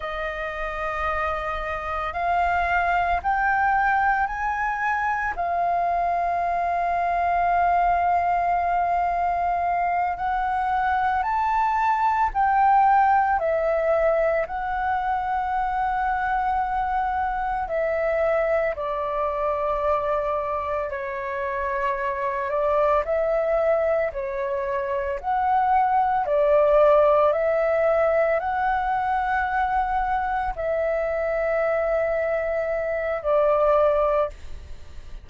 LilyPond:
\new Staff \with { instrumentName = "flute" } { \time 4/4 \tempo 4 = 56 dis''2 f''4 g''4 | gis''4 f''2.~ | f''4. fis''4 a''4 g''8~ | g''8 e''4 fis''2~ fis''8~ |
fis''8 e''4 d''2 cis''8~ | cis''4 d''8 e''4 cis''4 fis''8~ | fis''8 d''4 e''4 fis''4.~ | fis''8 e''2~ e''8 d''4 | }